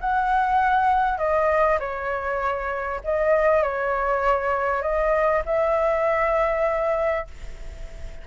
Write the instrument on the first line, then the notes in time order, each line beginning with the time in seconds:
flute
0.00 F#5
1.18 D#5
1.79 C#5
3.04 D#5
3.63 C#5
4.82 D#5
5.45 E5